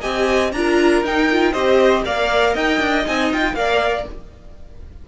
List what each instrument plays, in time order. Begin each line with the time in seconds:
0.00 cello C4, viola G4, violin D#5 G#5
0.52 cello D4, viola F4, violin A#5
0.58 violin A#4
1.03 cello D#4, viola D#4, violin G5
1.31 viola F4
1.52 cello C4, viola G4, violin C5 D#5
2.05 cello A#3, viola A#4, violin D5 F5
2.53 cello D#4, violin D#5 G5
2.80 cello D4
3.05 cello C4, viola D#4, violin G#5
3.32 cello F4, violin G5
3.54 cello A#3, viola A#4, violin D5 F5